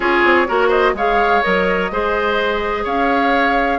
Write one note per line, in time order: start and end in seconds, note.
0.00 0.24 C#4
0.00 0.47 F4
0.00 0.47 G#4
0.00 0.70 C#5
0.24 0.48 C4
0.47 0.93 A#3
0.47 0.95 F#4
0.47 0.67 A#4
0.67 0.91 C5
0.67 0.94 D#5
0.93 1.41 G#3
0.93 1.43 G#4
0.93 1.91 C#5
0.93 1.42 F5
1.42 1.91 F#3
1.42 1.91 A#4
1.42 2.85 D#5
1.91 2.85 G#3
1.91 3.79 G#4
1.91 2.84 C5
2.84 3.79 C#4
2.84 3.79 C#5
2.84 3.79 F5